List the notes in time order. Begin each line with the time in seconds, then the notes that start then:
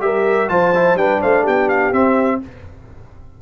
0.00 G3 G4 A#4 E5
0.49 F3 F4 C5 A5
0.75 E4
0.94 G3 D4 B4 G5
1.21 A3 C5 F5
1.43 B3 G4 G5
1.69 F5
1.92 C4 E5